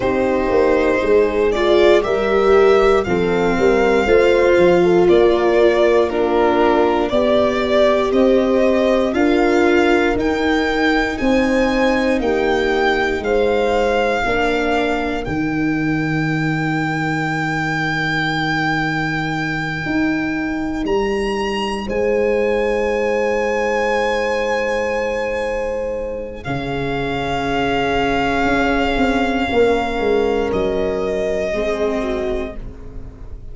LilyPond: <<
  \new Staff \with { instrumentName = "violin" } { \time 4/4 \tempo 4 = 59 c''4. d''8 e''4 f''4~ | f''4 d''4 ais'4 d''4 | dis''4 f''4 g''4 gis''4 | g''4 f''2 g''4~ |
g''1~ | g''8 ais''4 gis''2~ gis''8~ | gis''2 f''2~ | f''2 dis''2 | }
  \new Staff \with { instrumentName = "horn" } { \time 4/4 g'4 gis'4 ais'4 a'8 ais'8 | c''8. a'16 ais'4 f'4 d''4 | c''4 ais'2 c''4 | g'4 c''4 ais'2~ |
ais'1~ | ais'4. c''2~ c''8~ | c''2 gis'2~ | gis'4 ais'2 gis'8 fis'8 | }
  \new Staff \with { instrumentName = "viola" } { \time 4/4 dis'4. f'8 g'4 c'4 | f'2 d'4 g'4~ | g'4 f'4 dis'2~ | dis'2 d'4 dis'4~ |
dis'1~ | dis'1~ | dis'2 cis'2~ | cis'2. c'4 | }
  \new Staff \with { instrumentName = "tuba" } { \time 4/4 c'8 ais8 gis4 g4 f8 g8 | a8 f8 ais2 b4 | c'4 d'4 dis'4 c'4 | ais4 gis4 ais4 dis4~ |
dis2.~ dis8 dis'8~ | dis'8 g4 gis2~ gis8~ | gis2 cis2 | cis'8 c'8 ais8 gis8 fis4 gis4 | }
>>